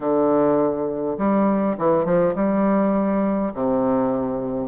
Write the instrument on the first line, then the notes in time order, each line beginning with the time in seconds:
bassoon
0.00 D3
1.18 G3
1.78 E3
2.05 F3
2.35 G3
3.53 C3